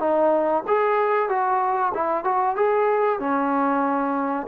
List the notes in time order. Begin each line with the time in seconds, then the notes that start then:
0.00 D#4
0.68 G#4
1.29 F#4
1.95 E4
2.25 F#4
2.56 G#4
3.20 C#4